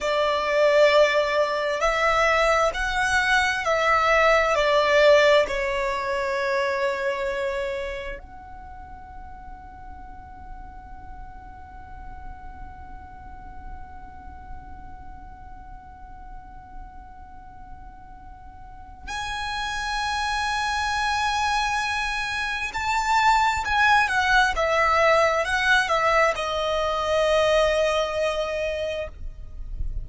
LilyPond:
\new Staff \with { instrumentName = "violin" } { \time 4/4 \tempo 4 = 66 d''2 e''4 fis''4 | e''4 d''4 cis''2~ | cis''4 fis''2.~ | fis''1~ |
fis''1~ | fis''4 gis''2.~ | gis''4 a''4 gis''8 fis''8 e''4 | fis''8 e''8 dis''2. | }